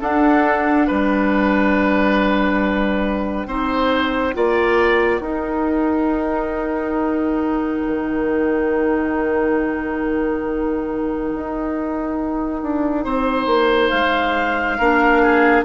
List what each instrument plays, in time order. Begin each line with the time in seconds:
0.00 clarinet D4, bassoon D4, oboe A4, flute F#5
0.87 bassoon G3, oboe B4, flute G5
3.46 bassoon C4, clarinet D#4, oboe C5
4.33 bassoon A#3, clarinet F4, oboe D5
5.20 bassoon D#4, clarinet D#4, oboe A#4
7.87 bassoon D#3
11.34 bassoon D#4
12.62 bassoon D4
13.04 bassoon C4, oboe C5
13.46 bassoon A#3
13.88 bassoon G#3, flute F5
14.78 bassoon A#3, clarinet D4, oboe A#4
15.22 oboe G#4